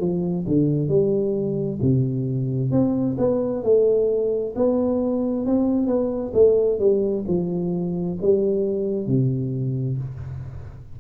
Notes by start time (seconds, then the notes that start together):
0.00 F3
0.48 D3
0.88 G3
1.82 C3
2.71 C4
3.18 B3
3.63 A3
4.56 B3
5.46 C4
5.87 B3
6.34 A3
6.79 G3
7.28 F3
8.22 G3
9.07 C3